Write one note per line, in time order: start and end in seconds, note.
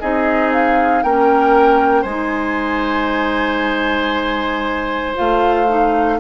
0.00 1.03 C4
0.00 1.05 D#4
0.00 1.03 G#4
0.00 0.52 D#5
0.53 1.03 F5
1.03 2.05 A#3
1.03 2.07 C#4
1.03 2.02 A#4
1.03 2.03 G5
2.02 5.15 G#3
2.02 5.15 D#4
2.02 6.16 C5
2.02 5.14 G#5
5.15 6.20 A3
5.15 5.67 F4
5.15 6.20 F5
5.68 6.19 D#4